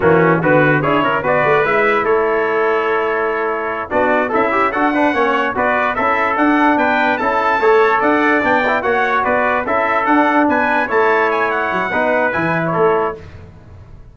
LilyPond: <<
  \new Staff \with { instrumentName = "trumpet" } { \time 4/4 \tempo 4 = 146 fis'4 b'4 cis''4 d''4 | e''4 cis''2.~ | cis''4. d''4 e''4 fis''8~ | fis''4. d''4 e''4 fis''8~ |
fis''8 g''4 a''2 fis''8~ | fis''8 g''4 fis''4 d''4 e''8~ | e''8 fis''4 gis''4 a''4 gis''8 | fis''2 gis''8. cis''4~ cis''16 | }
  \new Staff \with { instrumentName = "trumpet" } { \time 4/4 cis'4 fis'4 gis'8 ais'8 b'4~ | b'4 a'2.~ | a'4. fis'4 e'4 a'8 | b'8 cis''4 b'4 a'4.~ |
a'8 b'4 a'4 cis''4 d''8~ | d''4. cis''4 b'4 a'8~ | a'4. b'4 cis''4.~ | cis''4 b'2 a'4 | }
  \new Staff \with { instrumentName = "trombone" } { \time 4/4 ais4 b4 e'4 fis'4 | e'1~ | e'4. d'4 a'8 g'8 fis'8 | d'8 cis'4 fis'4 e'4 d'8~ |
d'4. e'4 a'4.~ | a'8 d'8 e'8 fis'2 e'8~ | e'8 d'2 e'4.~ | e'4 dis'4 e'2 | }
  \new Staff \with { instrumentName = "tuba" } { \time 4/4 e4 d4 d'8 cis'8 b8 a8 | gis4 a2.~ | a4. b4 cis'4 d'8~ | d'8 ais4 b4 cis'4 d'8~ |
d'8 b4 cis'4 a4 d'8~ | d'8 b4 ais4 b4 cis'8~ | cis'8 d'4 b4 a4.~ | a8 fis8 b4 e4 a4 | }
>>